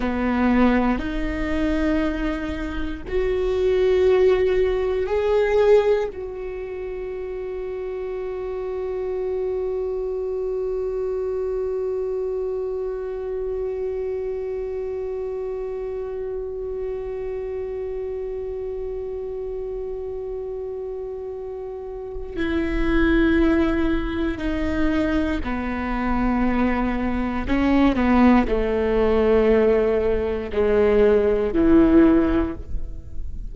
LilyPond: \new Staff \with { instrumentName = "viola" } { \time 4/4 \tempo 4 = 59 b4 dis'2 fis'4~ | fis'4 gis'4 fis'2~ | fis'1~ | fis'1~ |
fis'1~ | fis'2 e'2 | dis'4 b2 cis'8 b8 | a2 gis4 e4 | }